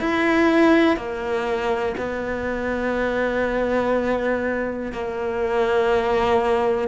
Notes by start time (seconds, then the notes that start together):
0.00 E4
0.97 A#3
1.98 B3
4.93 A#3